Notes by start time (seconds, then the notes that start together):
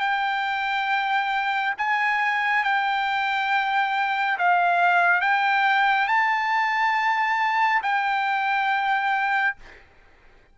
0.00 G5
1.77 G#5
2.64 G5
4.38 F5
5.21 G5
6.08 A5
7.82 G5